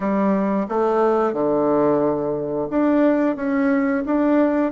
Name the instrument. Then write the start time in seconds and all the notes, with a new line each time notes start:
bassoon
0.00 G3
0.68 A3
1.33 D3
2.70 D4
3.36 C#4
4.05 D4